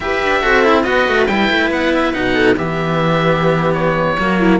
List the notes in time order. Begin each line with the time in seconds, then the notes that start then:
0.00 E4 G4 B4 E5
0.22 D4
0.41 C4 F#4 A4
0.64 E4
0.82 B3 F#4 B4 D#5
1.08 A3
1.26 G3 E4 G5
1.50 A3
1.70 B3 F#5
1.94 E5
2.12 B2 D#4 F#5
2.34 A4
2.56 E3 B3 G4 E5
3.73 C#5
4.17 F#3 A#3 F#4
4.40 E4